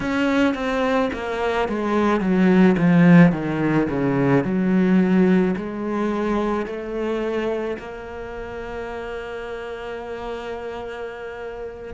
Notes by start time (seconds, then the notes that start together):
0.00 C#4
0.54 C4
1.13 A#3
1.68 G#3
2.20 F#3
2.77 F3
3.31 D#3
3.89 C#3
4.44 F#3
5.56 G#3
6.66 A3
7.78 A#3